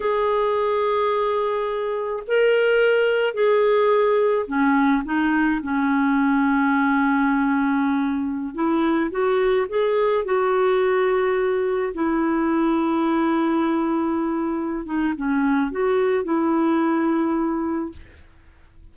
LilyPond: \new Staff \with { instrumentName = "clarinet" } { \time 4/4 \tempo 4 = 107 gis'1 | ais'2 gis'2 | cis'4 dis'4 cis'2~ | cis'2.~ cis'16 e'8.~ |
e'16 fis'4 gis'4 fis'4.~ fis'16~ | fis'4~ fis'16 e'2~ e'8.~ | e'2~ e'8 dis'8 cis'4 | fis'4 e'2. | }